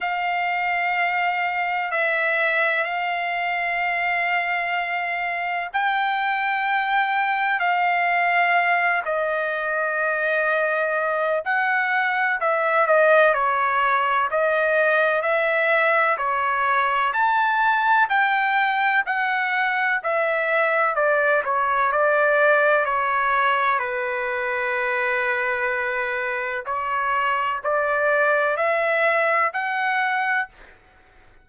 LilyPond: \new Staff \with { instrumentName = "trumpet" } { \time 4/4 \tempo 4 = 63 f''2 e''4 f''4~ | f''2 g''2 | f''4. dis''2~ dis''8 | fis''4 e''8 dis''8 cis''4 dis''4 |
e''4 cis''4 a''4 g''4 | fis''4 e''4 d''8 cis''8 d''4 | cis''4 b'2. | cis''4 d''4 e''4 fis''4 | }